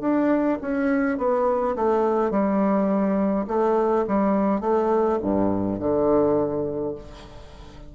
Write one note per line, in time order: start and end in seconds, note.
0.00 0.58 D4
0.61 1.17 C#4
1.17 1.75 B3
1.75 2.30 A3
2.30 3.46 G3
3.47 4.05 A3
4.07 4.60 G3
4.60 5.18 A3
5.22 5.79 G2
5.79 6.94 D3